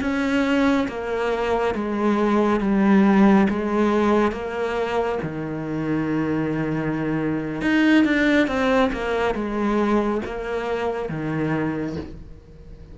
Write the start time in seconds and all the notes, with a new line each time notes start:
0.00 C#4
0.88 A#3
1.74 G#3
2.60 G3
3.49 G#3
4.31 A#3
5.22 D#3
7.61 D#4
8.04 D4
8.47 C4
8.92 A#3
9.34 G#3
10.25 A#3
11.09 D#3